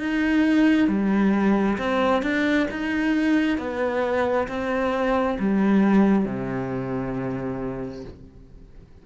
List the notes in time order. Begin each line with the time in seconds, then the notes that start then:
0.00 D#4
0.88 G3
1.78 C4
2.23 D4
2.71 D#4
3.58 B3
4.48 C4
5.39 G3
6.26 C3